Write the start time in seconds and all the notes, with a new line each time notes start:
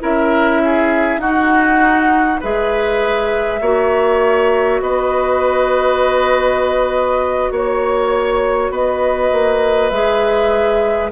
0.00 C#4 E4 A#4 E5
0.64 G#4
1.18 D#4 F#4 F#5
2.40 G#3 G#4 B4 E5
3.60 A#3 F#4 C#5
4.80 B3 B4 D#5
7.51 A#3 C#5
8.70 B3 B4 D#5
9.32 A#3
9.90 G#3 G#4 E5